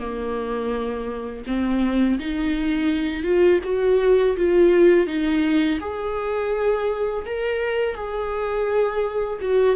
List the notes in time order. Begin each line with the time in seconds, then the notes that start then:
0.00 A#3
1.47 C4
2.20 D#4
3.24 F4
3.64 F#4
4.37 F4
5.07 D#4
5.81 G#4
7.26 A#4
7.95 G#4
9.41 F#4